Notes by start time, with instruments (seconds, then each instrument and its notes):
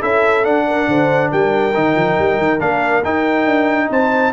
0.00 tuba C#4, trombone E4, horn A4, trumpet E5
0.43 trombone D4, tuba D4, trumpet F#5
0.67 horn A#4
0.88 tuba D3, horn C5
1.31 tuba G3, horn A#4, trumpet G5
1.74 tuba D#3, trombone D#4
1.95 tuba F3
2.18 tuba G3
2.38 tuba D#3
2.59 tuba A#3, trombone D4, trumpet F5
3.04 tuba D#4, trombone D#4, trumpet G5
3.45 tuba D4
3.90 tuba C4, horn C5, trumpet A5